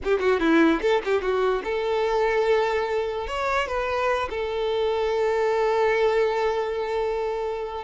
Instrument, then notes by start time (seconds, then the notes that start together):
violin
0.04 G4
0.19 F#4
0.40 E4
0.81 A4
1.05 G4
1.21 F#4
1.63 A4
3.27 C#5
3.67 B4
4.29 A4